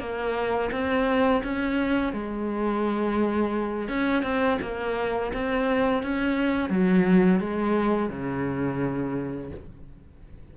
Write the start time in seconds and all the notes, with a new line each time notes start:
0.00 A#3
0.72 C4
1.44 C#4
2.13 G#3
3.89 C#4
4.23 C4
4.62 A#3
5.34 C4
6.03 C#4
6.70 F#3
7.41 G#3
8.10 C#3